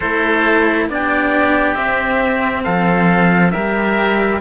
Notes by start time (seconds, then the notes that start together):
0.00 A3 E4 A4 C5
0.87 B3 D4 G4 D5
1.74 C4 E5
2.63 F3 A4 F5
3.51 G3 G4 A#4 E5